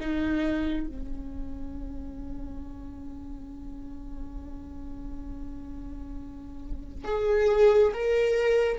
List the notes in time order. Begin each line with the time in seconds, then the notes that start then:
0.00 D#4
0.87 C#4
7.04 G#4
7.93 A#4